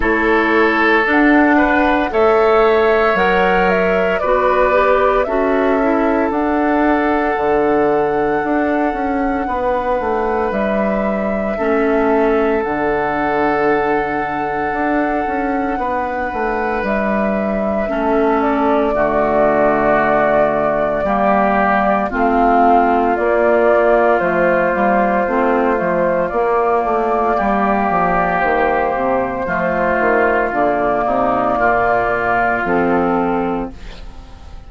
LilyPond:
<<
  \new Staff \with { instrumentName = "flute" } { \time 4/4 \tempo 4 = 57 cis''4 fis''4 e''4 fis''8 e''8 | d''4 e''4 fis''2~ | fis''2 e''2 | fis''1 |
e''4. d''2~ d''8~ | d''4 f''4 d''4 c''4~ | c''4 d''2 c''4~ | c''4 d''2 a'4 | }
  \new Staff \with { instrumentName = "oboe" } { \time 4/4 a'4. b'8 cis''2 | b'4 a'2.~ | a'4 b'2 a'4~ | a'2. b'4~ |
b'4 a'4 fis'2 | g'4 f'2.~ | f'2 g'2 | f'4. dis'8 f'2 | }
  \new Staff \with { instrumentName = "clarinet" } { \time 4/4 e'4 d'4 a'4 ais'4 | fis'8 g'8 fis'8 e'8 d'2~ | d'2. cis'4 | d'1~ |
d'4 cis'4 a2 | ais4 c'4 ais4 a8 ais8 | c'8 a8 ais2. | a4 ais2 c'4 | }
  \new Staff \with { instrumentName = "bassoon" } { \time 4/4 a4 d'4 a4 fis4 | b4 cis'4 d'4 d4 | d'8 cis'8 b8 a8 g4 a4 | d2 d'8 cis'8 b8 a8 |
g4 a4 d2 | g4 a4 ais4 f8 g8 | a8 f8 ais8 a8 g8 f8 dis8 c8 | f8 dis8 d8 c8 ais,4 f4 | }
>>